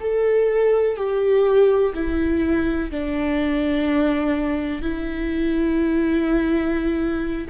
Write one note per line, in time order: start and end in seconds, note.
0.00 0.96 A4
0.96 1.93 G4
1.94 2.91 E4
2.91 4.82 D4
4.82 7.48 E4